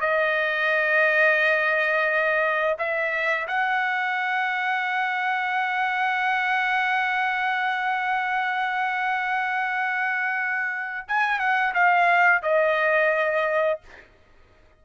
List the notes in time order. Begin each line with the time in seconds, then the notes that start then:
0.00 D#5
2.78 E5
3.47 F#5
11.08 G#5
11.39 F#5
11.74 F5
12.42 D#5